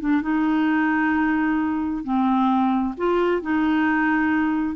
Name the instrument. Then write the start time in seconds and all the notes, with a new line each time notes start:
clarinet
0.00 D4
0.21 D#4
2.04 C4
2.97 F4
3.41 D#4